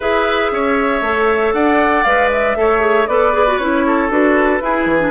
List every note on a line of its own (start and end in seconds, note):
0.00 0.51 E4
0.00 1.03 G#4
0.00 0.51 B4
0.00 1.53 E5
0.51 1.01 C#4
0.51 1.54 C#5
1.01 1.52 A3
1.01 2.06 A4
1.53 2.04 D4
1.53 2.57 D5
1.53 2.03 F#5
2.03 2.56 G#3
2.03 2.56 B4
2.03 2.29 F5
2.31 3.07 E5
2.56 3.07 A3
2.56 2.79 A4
2.56 3.09 C#5
2.79 3.05 G#4
3.07 3.58 B3
3.07 3.33 A4
3.07 3.85 B4
3.07 3.58 D5
3.33 3.46 G#4
3.46 3.59 F#4
3.58 4.10 C#4
3.58 4.09 E4
3.58 4.09 C#5
3.86 4.63 A4
4.09 4.60 D4
4.09 4.59 F#4
4.09 5.11 B4
4.59 4.98 E4
4.59 4.85 E4
4.59 5.11 G#4
4.85 5.11 E3
4.99 5.11 D4